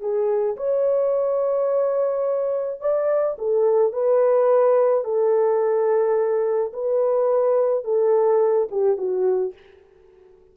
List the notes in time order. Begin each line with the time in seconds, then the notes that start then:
0.00 G#4
0.56 C#5
2.80 D5
3.38 A4
3.92 B4
5.04 A4
6.73 B4
7.84 A4
8.71 G4
8.97 F#4